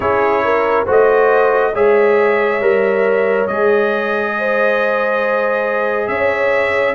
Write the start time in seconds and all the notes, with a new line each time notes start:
0.00 C#4 E4 G#4 C#5
0.44 A#4
0.85 A3 F#4 C5 D#5
1.73 G#3 G#4 C#5 E5
2.60 G3 A#4
3.47 G#3 G#4 D#5
4.38 C5
6.08 C#4 C#5 E5